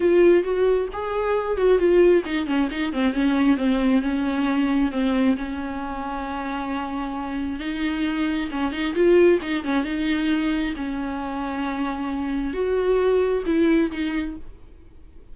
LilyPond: \new Staff \with { instrumentName = "viola" } { \time 4/4 \tempo 4 = 134 f'4 fis'4 gis'4. fis'8 | f'4 dis'8 cis'8 dis'8 c'8 cis'4 | c'4 cis'2 c'4 | cis'1~ |
cis'4 dis'2 cis'8 dis'8 | f'4 dis'8 cis'8 dis'2 | cis'1 | fis'2 e'4 dis'4 | }